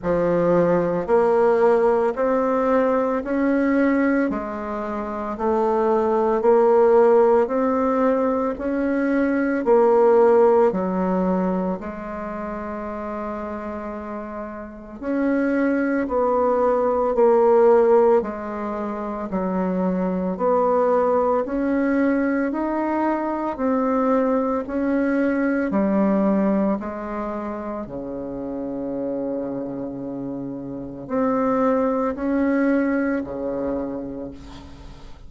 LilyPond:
\new Staff \with { instrumentName = "bassoon" } { \time 4/4 \tempo 4 = 56 f4 ais4 c'4 cis'4 | gis4 a4 ais4 c'4 | cis'4 ais4 fis4 gis4~ | gis2 cis'4 b4 |
ais4 gis4 fis4 b4 | cis'4 dis'4 c'4 cis'4 | g4 gis4 cis2~ | cis4 c'4 cis'4 cis4 | }